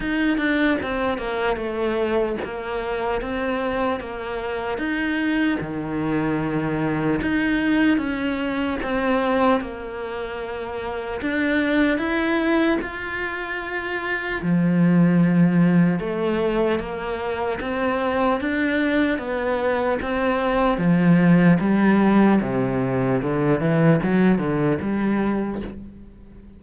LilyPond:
\new Staff \with { instrumentName = "cello" } { \time 4/4 \tempo 4 = 75 dis'8 d'8 c'8 ais8 a4 ais4 | c'4 ais4 dis'4 dis4~ | dis4 dis'4 cis'4 c'4 | ais2 d'4 e'4 |
f'2 f2 | a4 ais4 c'4 d'4 | b4 c'4 f4 g4 | c4 d8 e8 fis8 d8 g4 | }